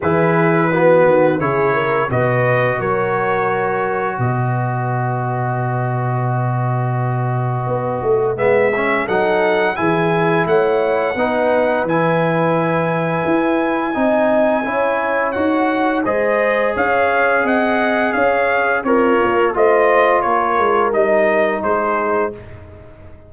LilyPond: <<
  \new Staff \with { instrumentName = "trumpet" } { \time 4/4 \tempo 4 = 86 b'2 cis''4 dis''4 | cis''2 dis''2~ | dis''1 | e''4 fis''4 gis''4 fis''4~ |
fis''4 gis''2.~ | gis''2 fis''4 dis''4 | f''4 fis''4 f''4 cis''4 | dis''4 cis''4 dis''4 c''4 | }
  \new Staff \with { instrumentName = "horn" } { \time 4/4 gis'4 fis'4 gis'8 ais'8 b'4 | ais'2 b'2~ | b'1~ | b'4 a'4 gis'4 cis''4 |
b'1 | dis''4 cis''2 c''4 | cis''4 dis''4 cis''4 f'4 | c''4 ais'2 gis'4 | }
  \new Staff \with { instrumentName = "trombone" } { \time 4/4 e'4 b4 e'4 fis'4~ | fis'1~ | fis'1 | b8 cis'8 dis'4 e'2 |
dis'4 e'2. | dis'4 e'4 fis'4 gis'4~ | gis'2. ais'4 | f'2 dis'2 | }
  \new Staff \with { instrumentName = "tuba" } { \time 4/4 e4. dis8 cis4 b,4 | fis2 b,2~ | b,2. b8 a8 | gis4 fis4 e4 a4 |
b4 e2 e'4 | c'4 cis'4 dis'4 gis4 | cis'4 c'4 cis'4 c'8 ais8 | a4 ais8 gis8 g4 gis4 | }
>>